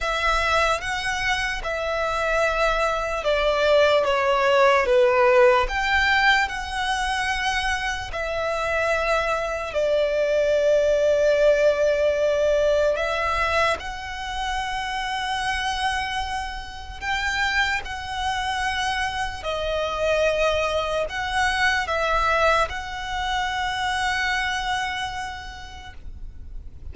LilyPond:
\new Staff \with { instrumentName = "violin" } { \time 4/4 \tempo 4 = 74 e''4 fis''4 e''2 | d''4 cis''4 b'4 g''4 | fis''2 e''2 | d''1 |
e''4 fis''2.~ | fis''4 g''4 fis''2 | dis''2 fis''4 e''4 | fis''1 | }